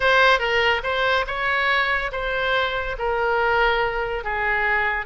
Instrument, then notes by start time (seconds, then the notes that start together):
oboe
0.00 C5
0.39 A#4
0.83 C5
1.26 C#5
2.11 C5
2.98 A#4
4.23 G#4